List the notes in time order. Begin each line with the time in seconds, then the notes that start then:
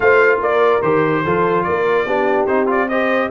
0.00 A3 F4 C5 F5
0.39 A#3 A#4 D5
0.82 D#3 G4 C5
1.24 F3 F4 A4
1.63 A#3 A#4 D5
2.05 B3 D4 G4
2.46 C4 D#4 C5
2.66 F4 D5
2.88 G4 C5 D#5